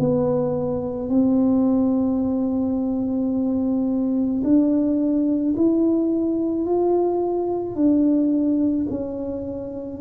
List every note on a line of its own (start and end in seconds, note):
0.00 1.10 B3
1.10 4.43 C4
4.44 5.55 D4
5.57 6.66 E4
6.66 7.76 F4
7.76 8.87 D4
8.90 10.01 C#4